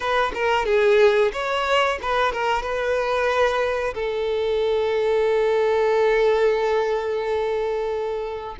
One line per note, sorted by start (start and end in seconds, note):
0.00 0.31 B4
0.34 0.65 A#4
0.65 1.31 G#4
1.32 1.98 C#5
2.02 2.32 B4
2.32 2.62 A#4
2.62 3.94 B4
3.94 8.56 A4